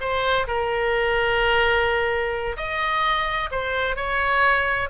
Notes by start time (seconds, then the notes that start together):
0.00 C5
0.47 A#4
2.56 D#5
3.51 C5
3.96 C#5